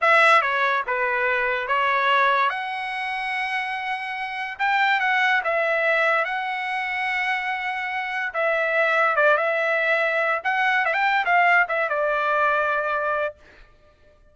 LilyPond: \new Staff \with { instrumentName = "trumpet" } { \time 4/4 \tempo 4 = 144 e''4 cis''4 b'2 | cis''2 fis''2~ | fis''2. g''4 | fis''4 e''2 fis''4~ |
fis''1 | e''2 d''8 e''4.~ | e''4 fis''4 e''16 g''8. f''4 | e''8 d''2.~ d''8 | }